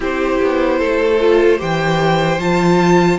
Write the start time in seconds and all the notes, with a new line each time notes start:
0.00 C4 E4 G4 C5
0.42 B3
0.79 A3 A4
1.19 F4
1.57 E3 G4 C5 G5
2.38 F3 F4 A5